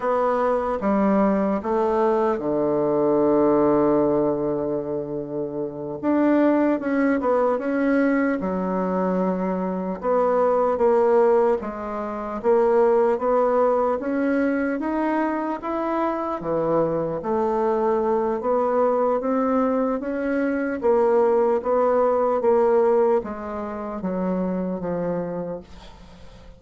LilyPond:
\new Staff \with { instrumentName = "bassoon" } { \time 4/4 \tempo 4 = 75 b4 g4 a4 d4~ | d2.~ d8 d'8~ | d'8 cis'8 b8 cis'4 fis4.~ | fis8 b4 ais4 gis4 ais8~ |
ais8 b4 cis'4 dis'4 e'8~ | e'8 e4 a4. b4 | c'4 cis'4 ais4 b4 | ais4 gis4 fis4 f4 | }